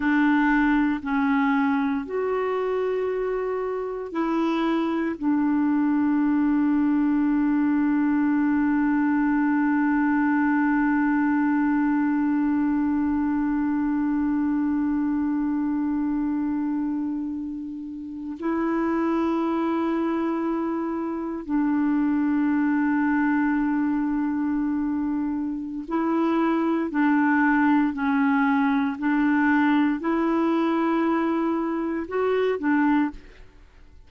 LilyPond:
\new Staff \with { instrumentName = "clarinet" } { \time 4/4 \tempo 4 = 58 d'4 cis'4 fis'2 | e'4 d'2.~ | d'1~ | d'1~ |
d'4.~ d'16 e'2~ e'16~ | e'8. d'2.~ d'16~ | d'4 e'4 d'4 cis'4 | d'4 e'2 fis'8 d'8 | }